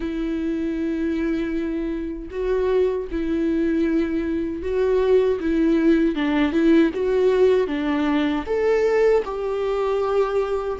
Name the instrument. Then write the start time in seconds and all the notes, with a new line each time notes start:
viola
0.00 E4
2.30 F#4
3.11 E4
4.62 F#4
5.40 E4
6.15 D4
6.52 E4
6.94 F#4
7.67 D4
8.46 A4
9.24 G4